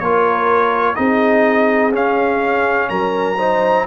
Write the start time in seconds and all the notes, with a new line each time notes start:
0.00 A#3 F4 A#4 C#5
0.96 C4 D#4 G#4 D#5
1.93 C#4 F5
2.90 F#3 A#4 A#5
3.38 D#4 C5